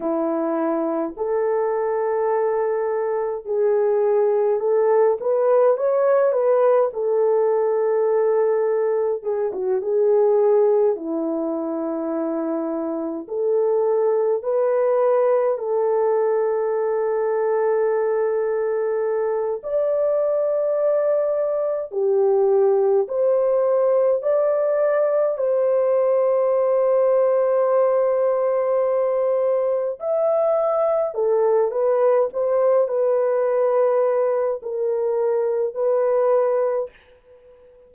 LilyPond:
\new Staff \with { instrumentName = "horn" } { \time 4/4 \tempo 4 = 52 e'4 a'2 gis'4 | a'8 b'8 cis''8 b'8 a'2 | gis'16 fis'16 gis'4 e'2 a'8~ | a'8 b'4 a'2~ a'8~ |
a'4 d''2 g'4 | c''4 d''4 c''2~ | c''2 e''4 a'8 b'8 | c''8 b'4. ais'4 b'4 | }